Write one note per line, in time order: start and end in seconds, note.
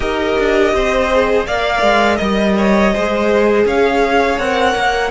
0.00 0.36 D#4
0.00 1.07 G4
0.00 0.73 A#4
0.00 1.45 D#5
0.38 0.73 D4
0.73 1.46 C4
0.73 1.46 C5
1.11 1.47 G#4
1.46 1.82 A#3
1.46 2.94 A#4
1.46 2.16 D5
1.46 2.16 F5
1.82 2.18 G#3
2.16 2.94 G3
2.16 2.52 D#5
2.16 3.63 D#5
2.57 2.93 C#5
2.93 3.65 G#3
2.93 4.38 G#4
2.93 3.66 C5
3.65 4.38 C#4
3.65 5.11 C#5
3.65 4.39 F5
4.38 4.75 C4
4.38 5.11 A#4
4.38 5.11 F#5
4.75 5.11 A#3